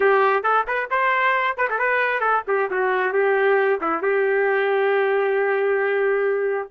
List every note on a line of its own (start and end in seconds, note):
0.00 0.43 G4
0.43 0.65 A4
0.67 0.89 B4
0.90 1.57 C5
1.57 1.68 B4
1.69 1.78 A4
1.78 2.20 B4
2.20 2.43 A4
2.47 2.70 G4
2.70 3.12 F#4
3.12 3.80 G4
3.81 4.02 E4
4.02 6.70 G4